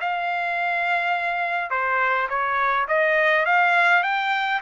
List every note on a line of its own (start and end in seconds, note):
0.00 1.70 F5
1.70 2.28 C5
2.29 2.86 C#5
2.87 3.45 D#5
3.45 4.03 F5
4.03 4.60 G5